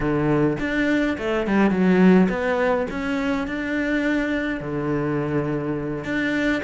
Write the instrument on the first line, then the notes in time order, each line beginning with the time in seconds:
cello
0.00 D3
0.59 D4
1.17 A3
1.46 G3
1.70 F#3
2.29 B3
2.90 C#4
3.47 D4
4.60 D3
6.04 D4